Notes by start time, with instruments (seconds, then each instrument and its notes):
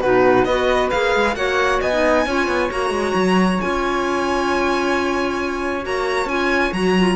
0.00 cello B2, clarinet D#4, flute F#4, violin B4
0.44 cello B3, clarinet F#4, flute B4, violin D#5
0.91 cello A#3, clarinet G#4, violin F5
1.15 cello G#3
1.35 cello A#3, clarinet F#4, flute C#5, violin F#5
1.81 cello B3, flute D#5, violin G#5
1.91 clarinet D#4
2.26 cello C#4, clarinet F4, flute C#5
2.47 cello B3
2.70 cello A#3, clarinet F#4, violin A#5
2.90 cello G#3
3.14 cello F#3
3.61 cello C#4, clarinet F4, violin G#5
5.82 cello A#3, clarinet F#4, violin A#5
6.25 cello C#4, clarinet F4, violin G#5
6.72 cello F#3, clarinet F#4, violin A#5
6.98 clarinet F4